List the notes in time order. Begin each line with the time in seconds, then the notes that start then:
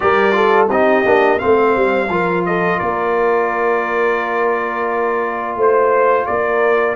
0.00 G3 G4 A#4 D5
0.32 F4 A4
0.69 C4 D#4 G4 D#5
1.04 A#3 D4
1.38 A3 C4 C5 F5
1.76 G3
2.08 F3 F4 A#4
2.45 A4 D#5
2.77 A#3 A#4 D5
5.56 A3 C5
6.26 A#3 A#4 D5